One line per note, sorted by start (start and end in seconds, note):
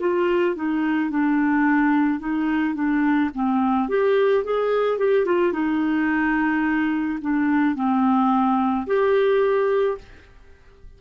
0.00 0.56 F4
0.56 1.11 D#4
1.11 2.20 D4
2.20 2.75 D#4
2.75 3.31 D4
3.35 3.89 C4
3.89 4.45 G4
4.45 4.99 G#4
4.99 5.26 G4
5.26 5.53 F4
5.53 7.20 D#4
7.22 7.76 D4
7.76 8.87 C4
8.87 9.98 G4